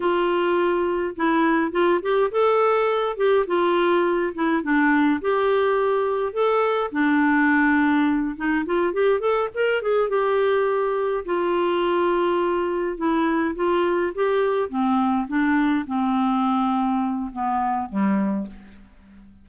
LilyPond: \new Staff \with { instrumentName = "clarinet" } { \time 4/4 \tempo 4 = 104 f'2 e'4 f'8 g'8 | a'4. g'8 f'4. e'8 | d'4 g'2 a'4 | d'2~ d'8 dis'8 f'8 g'8 |
a'8 ais'8 gis'8 g'2 f'8~ | f'2~ f'8 e'4 f'8~ | f'8 g'4 c'4 d'4 c'8~ | c'2 b4 g4 | }